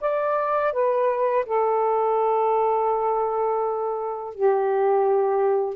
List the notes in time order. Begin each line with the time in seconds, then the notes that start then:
0.00 D5
0.73 B4
1.45 A4
4.34 G4